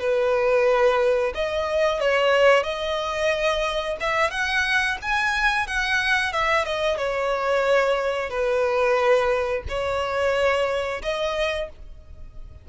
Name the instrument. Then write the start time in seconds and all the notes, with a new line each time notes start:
violin
0.00 B4
1.35 D#5
2.01 C#5
2.64 D#5
4.00 E5
4.31 F#5
5.02 G#5
5.67 F#5
6.33 E5
6.65 D#5
6.98 C#5
8.30 B4
9.69 C#5
11.02 D#5